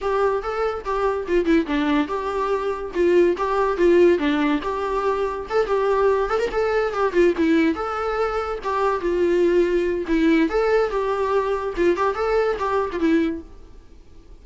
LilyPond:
\new Staff \with { instrumentName = "viola" } { \time 4/4 \tempo 4 = 143 g'4 a'4 g'4 f'8 e'8 | d'4 g'2 f'4 | g'4 f'4 d'4 g'4~ | g'4 a'8 g'4. a'16 ais'16 a'8~ |
a'8 g'8 f'8 e'4 a'4.~ | a'8 g'4 f'2~ f'8 | e'4 a'4 g'2 | f'8 g'8 a'4 g'8. f'16 e'4 | }